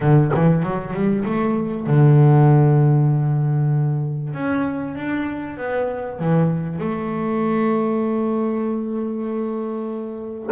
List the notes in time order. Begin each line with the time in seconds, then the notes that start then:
0.00 D3
0.33 E3
0.62 F#3
0.93 G3
1.25 A3
1.86 D3
4.33 C#4
4.95 D4
5.57 B3
6.19 E3
6.78 A3